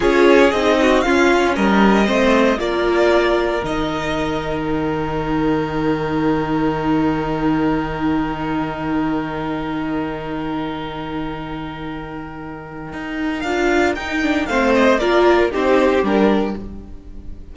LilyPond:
<<
  \new Staff \with { instrumentName = "violin" } { \time 4/4 \tempo 4 = 116 cis''4 dis''4 f''4 dis''4~ | dis''4 d''2 dis''4~ | dis''4 g''2.~ | g''1~ |
g''1~ | g''1~ | g''2 f''4 g''4 | f''8 dis''8 d''4 c''4 ais'4 | }
  \new Staff \with { instrumentName = "violin" } { \time 4/4 gis'4. fis'8 f'4 ais'4 | c''4 ais'2.~ | ais'1~ | ais'1~ |
ais'1~ | ais'1~ | ais'1 | c''4 ais'4 g'2 | }
  \new Staff \with { instrumentName = "viola" } { \time 4/4 f'4 dis'4 cis'2 | c'4 f'2 dis'4~ | dis'1~ | dis'1~ |
dis'1~ | dis'1~ | dis'2 f'4 dis'8 d'8 | c'4 f'4 dis'4 d'4 | }
  \new Staff \with { instrumentName = "cello" } { \time 4/4 cis'4 c'4 cis'4 g4 | a4 ais2 dis4~ | dis1~ | dis1~ |
dis1~ | dis1~ | dis4 dis'4 d'4 dis'4 | a4 ais4 c'4 g4 | }
>>